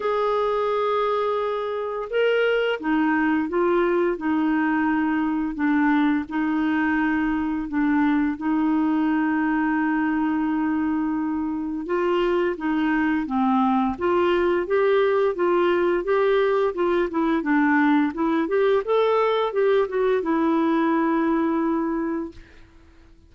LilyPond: \new Staff \with { instrumentName = "clarinet" } { \time 4/4 \tempo 4 = 86 gis'2. ais'4 | dis'4 f'4 dis'2 | d'4 dis'2 d'4 | dis'1~ |
dis'4 f'4 dis'4 c'4 | f'4 g'4 f'4 g'4 | f'8 e'8 d'4 e'8 g'8 a'4 | g'8 fis'8 e'2. | }